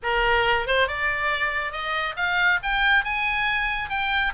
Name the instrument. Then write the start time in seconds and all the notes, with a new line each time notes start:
oboe
0.02 A#4
0.66 C5
0.87 D5
1.72 D#5
2.16 F5
2.62 G5
3.04 G#5
3.89 G5